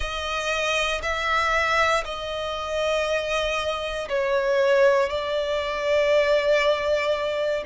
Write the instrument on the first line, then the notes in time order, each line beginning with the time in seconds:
violin
0.00 D#5
1.02 E5
2.04 D#5
4.08 C#5
5.09 D5